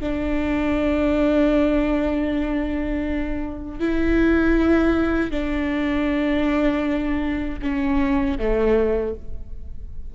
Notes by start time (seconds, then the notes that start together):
0.00 D4
3.80 E4
5.31 D4
7.62 C#4
8.39 A3